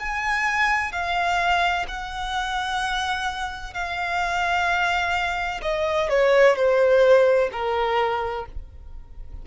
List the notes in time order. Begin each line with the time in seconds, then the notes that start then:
0.00 G#5
0.92 F5
1.89 F#5
3.74 F5
5.62 D#5
6.09 C#5
6.56 C5
7.53 A#4